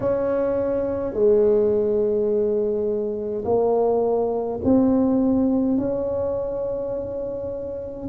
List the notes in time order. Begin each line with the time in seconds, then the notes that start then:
0.00 C#4
1.13 G#3
3.44 A#3
4.64 C4
5.77 C#4